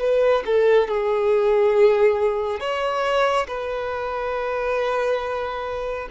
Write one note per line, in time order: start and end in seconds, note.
0.00 0.43 B4
0.46 0.88 A4
0.88 2.60 G#4
2.60 3.47 C#5
3.48 6.09 B4